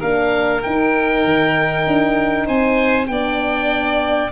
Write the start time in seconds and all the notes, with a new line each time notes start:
0.00 A#3 D4 A#4 F5
0.62 D#4 G5
1.25 D#3
1.87 D4
2.46 C4 C5 G#5
3.08 B3 D4 D5 G5